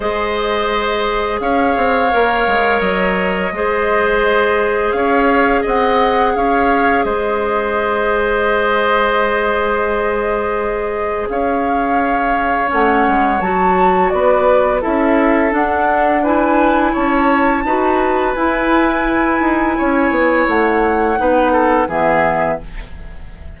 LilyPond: <<
  \new Staff \with { instrumentName = "flute" } { \time 4/4 \tempo 4 = 85 dis''2 f''2 | dis''2. f''4 | fis''4 f''4 dis''2~ | dis''1 |
f''2 fis''4 a''4 | d''4 e''4 fis''4 gis''4 | a''2 gis''2~ | gis''4 fis''2 e''4 | }
  \new Staff \with { instrumentName = "oboe" } { \time 4/4 c''2 cis''2~ | cis''4 c''2 cis''4 | dis''4 cis''4 c''2~ | c''1 |
cis''1 | b'4 a'2 b'4 | cis''4 b'2. | cis''2 b'8 a'8 gis'4 | }
  \new Staff \with { instrumentName = "clarinet" } { \time 4/4 gis'2. ais'4~ | ais'4 gis'2.~ | gis'1~ | gis'1~ |
gis'2 cis'4 fis'4~ | fis'4 e'4 d'4 e'4~ | e'4 fis'4 e'2~ | e'2 dis'4 b4 | }
  \new Staff \with { instrumentName = "bassoon" } { \time 4/4 gis2 cis'8 c'8 ais8 gis8 | fis4 gis2 cis'4 | c'4 cis'4 gis2~ | gis1 |
cis'2 a8 gis8 fis4 | b4 cis'4 d'2 | cis'4 dis'4 e'4. dis'8 | cis'8 b8 a4 b4 e4 | }
>>